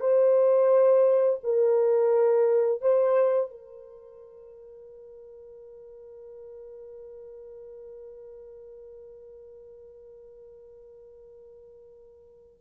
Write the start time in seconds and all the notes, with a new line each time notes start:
0.00 C5
1.43 A#4
2.81 C5
3.51 A#4